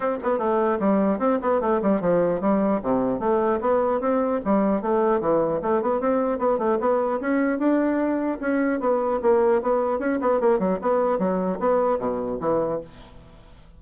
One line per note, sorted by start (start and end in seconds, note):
0.00 0.17 C4
0.23 0.38 B3
0.38 0.78 A3
0.79 1.18 G3
1.18 1.38 C4
1.41 1.61 B3
1.61 1.81 A3
1.82 2.00 G3
2.00 2.40 F3
2.41 2.81 G3
2.82 3.19 C3
3.19 3.59 A3
3.61 4.00 B3
4.00 4.40 C4
4.44 4.81 G3
4.81 5.20 A3
5.20 5.60 E3
5.62 5.81 A3
5.81 6.00 B3
6.00 6.39 C4
6.39 6.58 B3
6.58 6.78 A3
6.80 7.20 B3
7.20 7.59 C#4
7.59 8.39 D4
8.40 8.80 C#4
8.80 9.20 B3
9.21 9.61 A#3
9.62 9.99 B3
9.99 10.19 C#4
10.21 10.40 B3
10.40 10.59 A#3
10.59 10.79 F#3
10.81 11.19 B3
11.19 11.59 F#3
11.59 11.98 B3
11.98 12.38 B2
12.40 12.80 E3